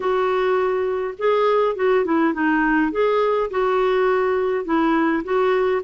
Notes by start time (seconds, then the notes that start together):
0.00 F#4
1.18 G#4
1.75 F#4
2.04 E4
2.33 D#4
2.91 G#4
3.50 F#4
4.64 E4
5.23 F#4